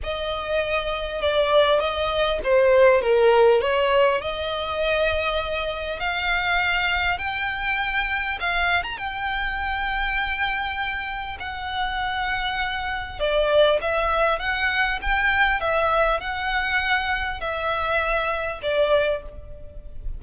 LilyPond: \new Staff \with { instrumentName = "violin" } { \time 4/4 \tempo 4 = 100 dis''2 d''4 dis''4 | c''4 ais'4 cis''4 dis''4~ | dis''2 f''2 | g''2 f''8. ais''16 g''4~ |
g''2. fis''4~ | fis''2 d''4 e''4 | fis''4 g''4 e''4 fis''4~ | fis''4 e''2 d''4 | }